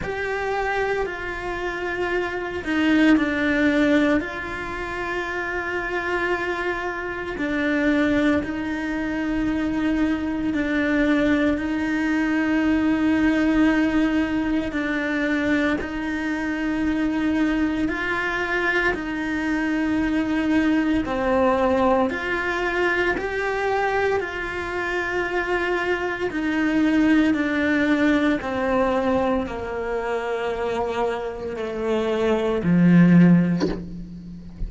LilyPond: \new Staff \with { instrumentName = "cello" } { \time 4/4 \tempo 4 = 57 g'4 f'4. dis'8 d'4 | f'2. d'4 | dis'2 d'4 dis'4~ | dis'2 d'4 dis'4~ |
dis'4 f'4 dis'2 | c'4 f'4 g'4 f'4~ | f'4 dis'4 d'4 c'4 | ais2 a4 f4 | }